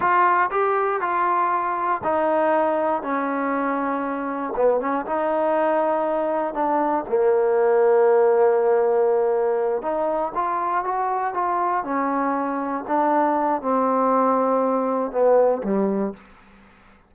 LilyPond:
\new Staff \with { instrumentName = "trombone" } { \time 4/4 \tempo 4 = 119 f'4 g'4 f'2 | dis'2 cis'2~ | cis'4 b8 cis'8 dis'2~ | dis'4 d'4 ais2~ |
ais2.~ ais8 dis'8~ | dis'8 f'4 fis'4 f'4 cis'8~ | cis'4. d'4. c'4~ | c'2 b4 g4 | }